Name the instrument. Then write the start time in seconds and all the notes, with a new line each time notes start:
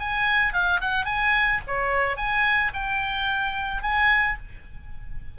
oboe
0.00 G#5
0.53 F5
0.81 F#5
1.06 G#5
1.67 C#5
2.17 G#5
2.74 G5
3.83 G#5